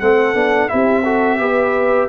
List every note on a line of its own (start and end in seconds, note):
0.00 0.34 A3
0.00 0.34 C4
0.00 0.71 A4
0.00 0.69 F#5
0.34 0.69 B3
0.34 0.68 D4
0.68 1.39 C4
0.68 1.03 E4
0.68 1.03 G4
0.68 2.08 E5
1.03 1.39 F#4
1.03 1.38 A4
1.39 2.09 B3
1.39 2.09 G4
1.39 2.09 B4